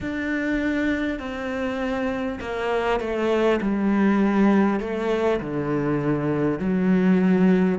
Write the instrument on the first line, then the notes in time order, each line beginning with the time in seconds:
cello
0.00 D4
1.19 C4
2.40 A#3
2.99 A3
3.61 G3
4.80 A3
5.40 D3
6.59 F#3